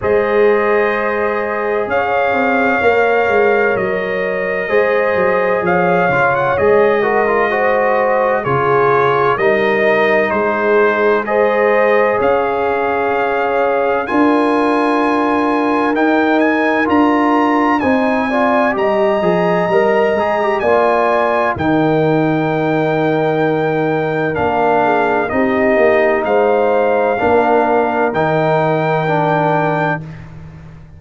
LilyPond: <<
  \new Staff \with { instrumentName = "trumpet" } { \time 4/4 \tempo 4 = 64 dis''2 f''2 | dis''2 f''8. fis''16 dis''4~ | dis''4 cis''4 dis''4 c''4 | dis''4 f''2 gis''4~ |
gis''4 g''8 gis''8 ais''4 gis''4 | ais''2 gis''4 g''4~ | g''2 f''4 dis''4 | f''2 g''2 | }
  \new Staff \with { instrumentName = "horn" } { \time 4/4 c''2 cis''2~ | cis''4 c''4 cis''4. ais'8 | c''4 gis'4 ais'4 gis'4 | c''4 cis''2 ais'4~ |
ais'2. c''8 d''8 | dis''2 d''4 ais'4~ | ais'2~ ais'8 gis'8 g'4 | c''4 ais'2. | }
  \new Staff \with { instrumentName = "trombone" } { \time 4/4 gis'2. ais'4~ | ais'4 gis'4. f'8 gis'8 fis'16 f'16 | fis'4 f'4 dis'2 | gis'2. f'4~ |
f'4 dis'4 f'4 dis'8 f'8 | g'8 gis'8 ais'8 gis'16 g'16 f'4 dis'4~ | dis'2 d'4 dis'4~ | dis'4 d'4 dis'4 d'4 | }
  \new Staff \with { instrumentName = "tuba" } { \time 4/4 gis2 cis'8 c'8 ais8 gis8 | fis4 gis8 fis8 f8 cis8 gis4~ | gis4 cis4 g4 gis4~ | gis4 cis'2 d'4~ |
d'4 dis'4 d'4 c'4 | g8 f8 g8 gis8 ais4 dis4~ | dis2 ais4 c'8 ais8 | gis4 ais4 dis2 | }
>>